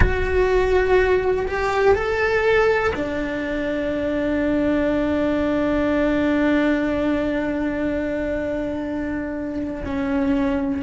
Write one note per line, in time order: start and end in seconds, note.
0.00 1.46 F#4
1.47 1.94 G4
1.94 2.92 A4
2.95 9.83 D4
9.84 10.82 C#4